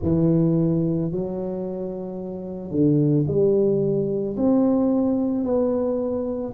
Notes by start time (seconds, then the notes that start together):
0.02 E3
1.12 F#3
2.70 D3
3.27 G3
4.36 C4
5.43 B3